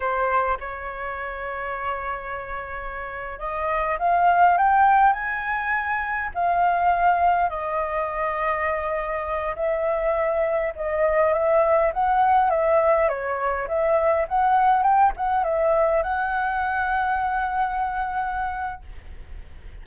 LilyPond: \new Staff \with { instrumentName = "flute" } { \time 4/4 \tempo 4 = 102 c''4 cis''2.~ | cis''4.~ cis''16 dis''4 f''4 g''16~ | g''8. gis''2 f''4~ f''16~ | f''8. dis''2.~ dis''16~ |
dis''16 e''2 dis''4 e''8.~ | e''16 fis''4 e''4 cis''4 e''8.~ | e''16 fis''4 g''8 fis''8 e''4 fis''8.~ | fis''1 | }